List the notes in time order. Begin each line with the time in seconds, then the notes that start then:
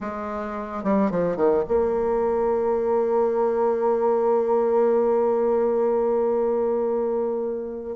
0.01 G#3
0.83 G3
1.10 F3
1.36 D#3
1.68 A#3